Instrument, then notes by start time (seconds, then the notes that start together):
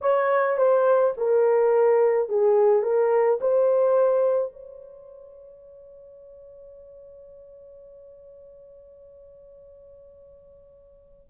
horn
0.01 C#5
0.57 C5
1.17 A#4
2.28 G#4
2.82 A#4
3.40 C5
4.52 C#5